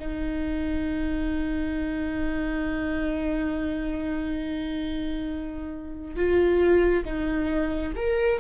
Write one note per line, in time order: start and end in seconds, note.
0.00 6.16 D#4
6.16 7.04 F4
7.05 7.94 D#4
7.97 8.40 A#4